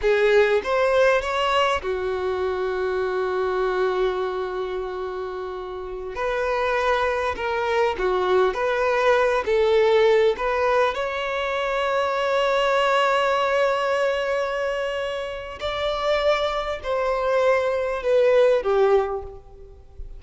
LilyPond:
\new Staff \with { instrumentName = "violin" } { \time 4/4 \tempo 4 = 100 gis'4 c''4 cis''4 fis'4~ | fis'1~ | fis'2~ fis'16 b'4.~ b'16~ | b'16 ais'4 fis'4 b'4. a'16~ |
a'4~ a'16 b'4 cis''4.~ cis''16~ | cis''1~ | cis''2 d''2 | c''2 b'4 g'4 | }